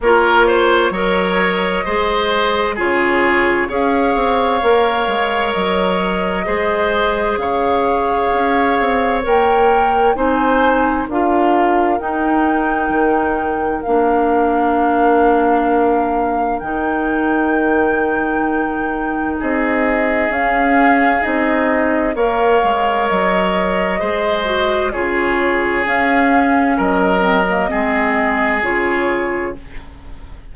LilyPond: <<
  \new Staff \with { instrumentName = "flute" } { \time 4/4 \tempo 4 = 65 cis''4 dis''2 cis''4 | f''2 dis''2 | f''2 g''4 gis''4 | f''4 g''2 f''4~ |
f''2 g''2~ | g''4 dis''4 f''4 dis''4 | f''4 dis''2 cis''4 | f''4 dis''2 cis''4 | }
  \new Staff \with { instrumentName = "oboe" } { \time 4/4 ais'8 c''8 cis''4 c''4 gis'4 | cis''2. c''4 | cis''2. c''4 | ais'1~ |
ais'1~ | ais'4 gis'2. | cis''2 c''4 gis'4~ | gis'4 ais'4 gis'2 | }
  \new Staff \with { instrumentName = "clarinet" } { \time 4/4 f'4 ais'4 gis'4 f'4 | gis'4 ais'2 gis'4~ | gis'2 ais'4 dis'4 | f'4 dis'2 d'4~ |
d'2 dis'2~ | dis'2 cis'4 dis'4 | ais'2 gis'8 fis'8 f'4 | cis'4. c'16 ais16 c'4 f'4 | }
  \new Staff \with { instrumentName = "bassoon" } { \time 4/4 ais4 fis4 gis4 cis4 | cis'8 c'8 ais8 gis8 fis4 gis4 | cis4 cis'8 c'8 ais4 c'4 | d'4 dis'4 dis4 ais4~ |
ais2 dis2~ | dis4 c'4 cis'4 c'4 | ais8 gis8 fis4 gis4 cis4 | cis'4 fis4 gis4 cis4 | }
>>